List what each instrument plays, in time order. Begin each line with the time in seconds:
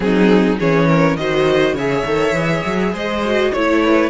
0.00 cello F#3, viola C4, violin D#4 G#4
0.58 cello E3, viola C#4, violin G#4 C#5
0.88 violin A#4
1.16 cello D#3, viola F#4, violin C5 D#5
1.73 cello C#3, viola G#4, violin C#5 E5
2.05 cello D#3, viola A4
2.32 cello E3, viola G#4
2.65 cello F#3
2.92 cello G#3, violin C5 D#5
3.25 viola F#4
3.53 cello A3, viola E4, violin C#5
3.83 violin B4